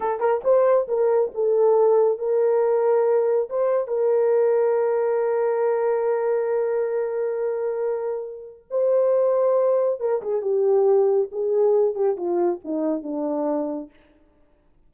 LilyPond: \new Staff \with { instrumentName = "horn" } { \time 4/4 \tempo 4 = 138 a'8 ais'8 c''4 ais'4 a'4~ | a'4 ais'2. | c''4 ais'2.~ | ais'1~ |
ais'1 | c''2. ais'8 gis'8 | g'2 gis'4. g'8 | f'4 dis'4 d'2 | }